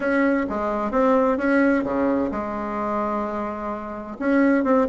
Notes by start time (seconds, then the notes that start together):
0.00 C#4
0.49 G#3
0.91 C4
1.37 C#4
1.84 C#3
2.31 G#3
4.19 C#4
4.63 C4